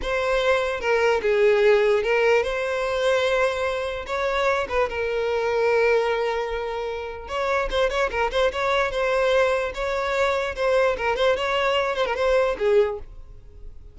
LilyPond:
\new Staff \with { instrumentName = "violin" } { \time 4/4 \tempo 4 = 148 c''2 ais'4 gis'4~ | gis'4 ais'4 c''2~ | c''2 cis''4. b'8 | ais'1~ |
ais'2 cis''4 c''8 cis''8 | ais'8 c''8 cis''4 c''2 | cis''2 c''4 ais'8 c''8 | cis''4. c''16 ais'16 c''4 gis'4 | }